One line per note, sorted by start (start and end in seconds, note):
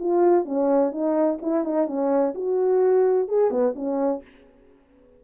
0.00 0.45 F4
0.45 0.92 C#4
0.92 1.39 D#4
1.42 1.65 E4
1.65 1.87 D#4
1.87 2.34 C#4
2.35 3.28 F#4
3.28 3.51 G#4
3.51 3.74 B3
3.76 4.23 C#4